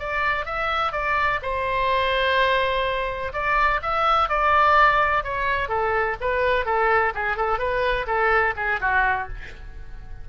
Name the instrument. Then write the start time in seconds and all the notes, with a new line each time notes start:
oboe
0.00 D5
0.46 E5
0.93 D5
1.43 C5
3.34 D5
3.83 E5
4.29 D5
5.24 C#5
5.69 A4
6.21 B4
6.66 A4
7.15 G#4
7.37 A4
7.59 B4
8.07 A4
8.56 G#4
8.81 F#4